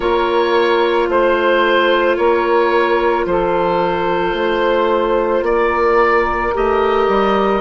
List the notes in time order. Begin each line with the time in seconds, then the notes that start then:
0.00 A#3 F4 A#4 C#5
1.08 A3 C5
2.17 A#3 A#4 C#5
3.25 F3 A4 C5
4.33 A3 C5
5.41 A#3 A#4 D5
6.53 A3 G4 D#5
7.07 G3